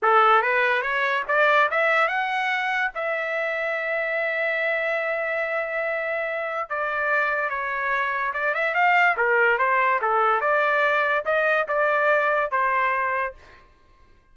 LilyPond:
\new Staff \with { instrumentName = "trumpet" } { \time 4/4 \tempo 4 = 144 a'4 b'4 cis''4 d''4 | e''4 fis''2 e''4~ | e''1~ | e''1 |
d''2 cis''2 | d''8 e''8 f''4 ais'4 c''4 | a'4 d''2 dis''4 | d''2 c''2 | }